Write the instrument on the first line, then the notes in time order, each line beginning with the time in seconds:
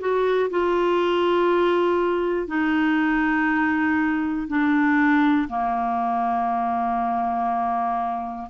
clarinet
0.00 F#4
0.50 F4
2.47 D#4
4.48 D4
5.49 A#3